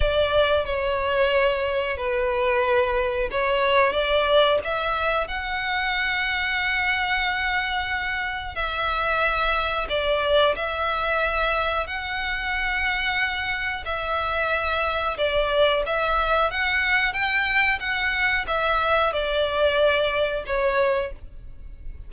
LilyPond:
\new Staff \with { instrumentName = "violin" } { \time 4/4 \tempo 4 = 91 d''4 cis''2 b'4~ | b'4 cis''4 d''4 e''4 | fis''1~ | fis''4 e''2 d''4 |
e''2 fis''2~ | fis''4 e''2 d''4 | e''4 fis''4 g''4 fis''4 | e''4 d''2 cis''4 | }